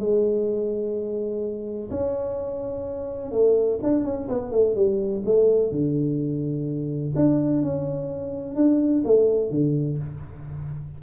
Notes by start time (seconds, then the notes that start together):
0.00 G#3
1.91 C#4
3.32 A3
3.83 D4
4.05 C#4
4.29 B3
4.52 A3
4.76 G3
5.26 A3
5.72 D3
7.16 D4
7.63 C#4
8.56 D4
9.05 A3
9.51 D3